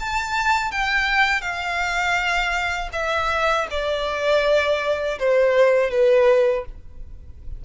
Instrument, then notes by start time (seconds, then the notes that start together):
violin
0.00 A5
0.71 G5
1.42 F5
2.93 E5
3.71 D5
5.19 C5
5.91 B4